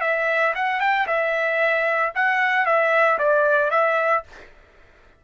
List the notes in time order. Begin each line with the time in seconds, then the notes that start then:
0.00 E5
0.55 F#5
0.80 G5
1.07 E5
2.14 F#5
2.66 E5
3.18 D5
3.70 E5